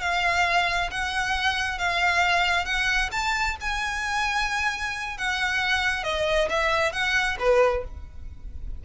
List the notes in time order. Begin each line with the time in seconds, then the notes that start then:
0.00 F5
0.91 F#5
1.78 F5
2.65 F#5
3.11 A5
3.61 G#5
5.17 F#5
6.03 D#5
6.49 E5
6.92 F#5
7.39 B4